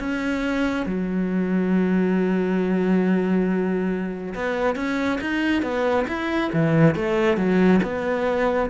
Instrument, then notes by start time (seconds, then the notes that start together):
cello
0.00 C#4
0.87 F#3
4.35 B3
4.76 C#4
5.21 D#4
5.63 B3
6.08 E4
6.53 E3
6.96 A3
7.37 F#3
7.83 B3